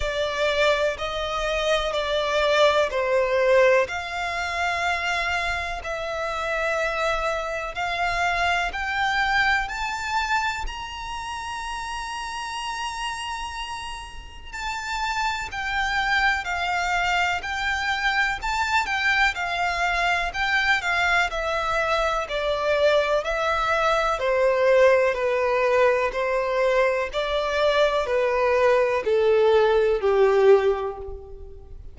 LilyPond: \new Staff \with { instrumentName = "violin" } { \time 4/4 \tempo 4 = 62 d''4 dis''4 d''4 c''4 | f''2 e''2 | f''4 g''4 a''4 ais''4~ | ais''2. a''4 |
g''4 f''4 g''4 a''8 g''8 | f''4 g''8 f''8 e''4 d''4 | e''4 c''4 b'4 c''4 | d''4 b'4 a'4 g'4 | }